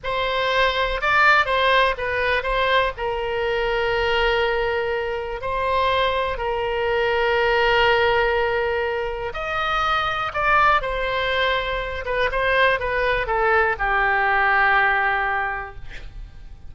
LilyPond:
\new Staff \with { instrumentName = "oboe" } { \time 4/4 \tempo 4 = 122 c''2 d''4 c''4 | b'4 c''4 ais'2~ | ais'2. c''4~ | c''4 ais'2.~ |
ais'2. dis''4~ | dis''4 d''4 c''2~ | c''8 b'8 c''4 b'4 a'4 | g'1 | }